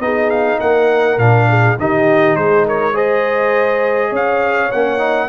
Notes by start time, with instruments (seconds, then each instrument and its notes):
0.00 tuba B3, trombone D#4, horn G#4, trumpet D#5
0.30 trumpet F5
0.60 tuba A#3, horn A#4, trumpet F#5
1.18 tuba A#2, trombone D4, trumpet F5
1.50 horn G#4
1.80 tuba D#3, trombone D#4, horn G4, trumpet D#5
2.36 tuba G#3, horn G#4, trumpet C5
2.67 horn A#4, trumpet C#5
2.94 trombone G#4, horn C5, trumpet D#5
4.10 tuba C#4, horn C#5
4.16 trumpet F5
4.72 tuba A#3, trombone C#4, trumpet F#5
4.99 trombone D#4